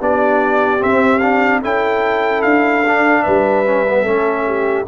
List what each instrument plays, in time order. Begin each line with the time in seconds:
0.00 tuba B3, trombone D4, horn G4, trumpet D5
0.79 trombone C4, tuba C4, trumpet E5
1.19 trombone D4, trumpet F5
1.62 tuba C#4, trombone E4, horn A4, trumpet G5
2.42 tuba D4, trumpet F5
2.86 trombone D4
3.22 tuba G3, horn B4, trumpet E5
3.65 trombone C#4
3.88 trombone B3
4.02 tuba A3, trombone C#4, horn A4
4.46 horn G4